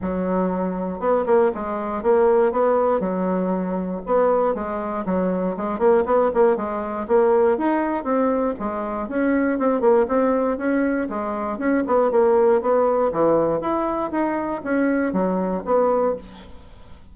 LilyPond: \new Staff \with { instrumentName = "bassoon" } { \time 4/4 \tempo 4 = 119 fis2 b8 ais8 gis4 | ais4 b4 fis2 | b4 gis4 fis4 gis8 ais8 | b8 ais8 gis4 ais4 dis'4 |
c'4 gis4 cis'4 c'8 ais8 | c'4 cis'4 gis4 cis'8 b8 | ais4 b4 e4 e'4 | dis'4 cis'4 fis4 b4 | }